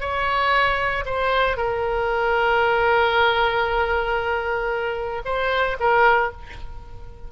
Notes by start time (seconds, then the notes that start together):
0.00 C#5
1.05 C5
1.57 A#4
5.25 C5
5.79 A#4